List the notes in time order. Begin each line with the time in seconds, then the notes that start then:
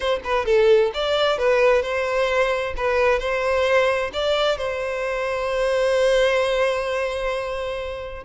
0.00 C5
0.24 B4
0.45 A4
0.94 D5
1.38 B4
1.82 C5
2.76 B4
3.19 C5
4.13 D5
4.57 C5